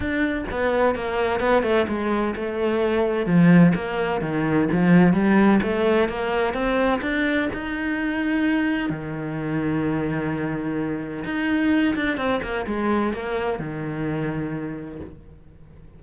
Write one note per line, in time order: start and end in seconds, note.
0.00 0.44 D4
0.50 0.95 B3
0.95 1.40 A#3
1.40 1.62 B3
1.62 1.86 A3
1.87 2.34 G#3
2.35 3.26 A3
3.26 3.73 F3
3.74 4.21 A#3
4.21 4.68 D#3
4.72 5.13 F3
5.13 5.60 G3
5.62 6.08 A3
6.08 6.53 A#3
6.53 7.00 C4
7.01 7.48 D4
7.53 8.89 D#4
8.89 11.24 D#3
11.24 11.94 D#4
11.95 12.17 D4
12.17 12.40 C4
12.42 12.66 A#3
12.66 13.13 G#3
13.13 13.59 A#3
13.59 14.99 D#3